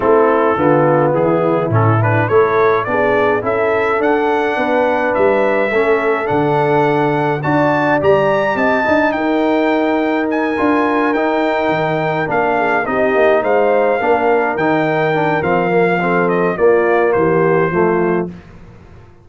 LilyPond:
<<
  \new Staff \with { instrumentName = "trumpet" } { \time 4/4 \tempo 4 = 105 a'2 gis'4 a'8 b'8 | cis''4 d''4 e''4 fis''4~ | fis''4 e''2 fis''4~ | fis''4 a''4 ais''4 a''4 |
g''2 gis''4. g''8~ | g''4. f''4 dis''4 f''8~ | f''4. g''4. f''4~ | f''8 dis''8 d''4 c''2 | }
  \new Staff \with { instrumentName = "horn" } { \time 4/4 e'4 f'4 e'2 | a'4 gis'4 a'2 | b'2 a'2~ | a'4 d''2 dis''4 |
ais'1~ | ais'2 gis'8 g'4 c''8~ | c''8 ais'2.~ ais'8 | a'4 f'4 g'4 f'4 | }
  \new Staff \with { instrumentName = "trombone" } { \time 4/4 c'4 b2 cis'8 d'8 | e'4 d'4 e'4 d'4~ | d'2 cis'4 d'4~ | d'4 fis'4 g'4. dis'8~ |
dis'2~ dis'8 f'4 dis'8~ | dis'4. d'4 dis'4.~ | dis'8 d'4 dis'4 d'8 c'8 ais8 | c'4 ais2 a4 | }
  \new Staff \with { instrumentName = "tuba" } { \time 4/4 a4 d4 e4 a,4 | a4 b4 cis'4 d'4 | b4 g4 a4 d4~ | d4 d'4 g4 c'8 d'8 |
dis'2~ dis'8 d'4 dis'8~ | dis'8 dis4 ais4 c'8 ais8 gis8~ | gis8 ais4 dis4. f4~ | f4 ais4 e4 f4 | }
>>